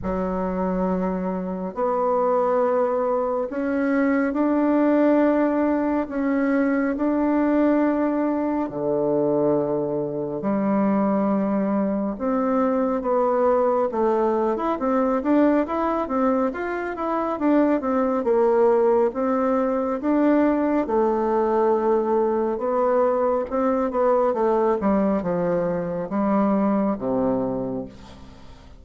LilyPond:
\new Staff \with { instrumentName = "bassoon" } { \time 4/4 \tempo 4 = 69 fis2 b2 | cis'4 d'2 cis'4 | d'2 d2 | g2 c'4 b4 |
a8. e'16 c'8 d'8 e'8 c'8 f'8 e'8 | d'8 c'8 ais4 c'4 d'4 | a2 b4 c'8 b8 | a8 g8 f4 g4 c4 | }